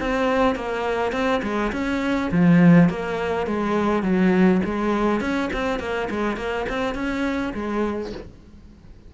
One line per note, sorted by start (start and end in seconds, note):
0.00 0.56 C4
0.56 1.12 A#3
1.12 1.41 C4
1.43 1.72 G#3
1.72 2.31 C#4
2.32 2.90 F3
2.90 3.47 A#3
3.47 4.03 G#3
4.03 4.61 F#3
4.65 5.21 G#3
5.21 5.50 C#4
5.53 5.80 C4
5.80 6.09 A#3
6.11 6.37 G#3
6.37 6.66 A#3
6.69 6.95 C4
6.95 7.53 C#4
7.54 8.12 G#3